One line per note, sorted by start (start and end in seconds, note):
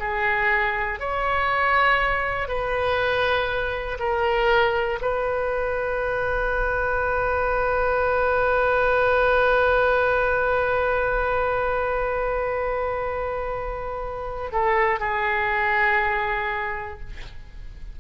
0.00 1.00 G#4
1.00 2.49 C#5
2.49 3.99 B4
4.00 5.00 A#4
5.02 14.52 B4
14.53 15.00 A4
15.00 17.00 G#4